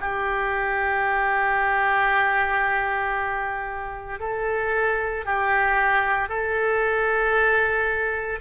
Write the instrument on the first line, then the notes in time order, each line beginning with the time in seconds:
oboe
0.00 G4
4.20 A4
5.25 G4
6.29 A4